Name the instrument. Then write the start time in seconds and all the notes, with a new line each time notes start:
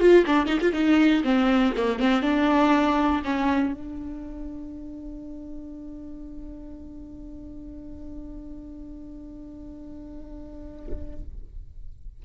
viola
0.00 F4
0.26 D4
0.47 D#4
0.61 F4
0.73 D#4
1.24 C4
1.77 A#3
2.00 C4
2.23 D4
3.25 C#4
3.73 D4